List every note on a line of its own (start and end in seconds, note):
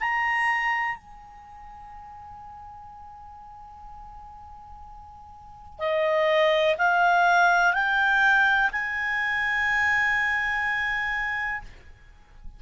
0.00 0.97 A#5
0.97 5.79 G#5
5.79 6.76 D#5
6.78 7.74 F5
7.74 8.71 G5
8.72 11.62 G#5